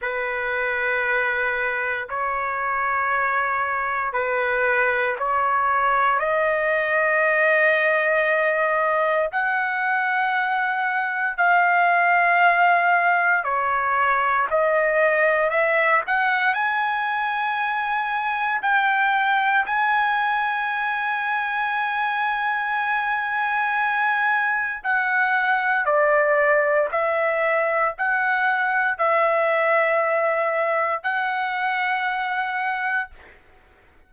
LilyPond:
\new Staff \with { instrumentName = "trumpet" } { \time 4/4 \tempo 4 = 58 b'2 cis''2 | b'4 cis''4 dis''2~ | dis''4 fis''2 f''4~ | f''4 cis''4 dis''4 e''8 fis''8 |
gis''2 g''4 gis''4~ | gis''1 | fis''4 d''4 e''4 fis''4 | e''2 fis''2 | }